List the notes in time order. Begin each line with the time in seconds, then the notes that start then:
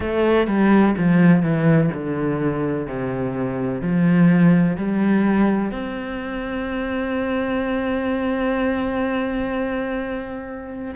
0.00 A3
0.47 G3
0.97 F3
1.42 E3
1.93 D3
2.87 C3
3.81 F3
4.76 G3
5.71 C4